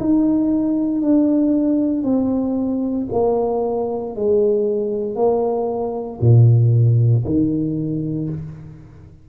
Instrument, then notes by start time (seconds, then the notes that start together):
tuba
0.00 D#4
1.02 D4
2.04 C4
3.13 A#3
4.16 G#3
5.16 A#3
6.21 A#2
7.26 D#3